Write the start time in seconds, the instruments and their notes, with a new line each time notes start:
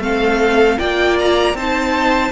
0.00 cello A3, viola C4, violin A4 F5
0.79 cello A#3, viola F4, violin D5 G5
1.19 violin A#5
1.54 cello C4, viola D#4, violin C5 A5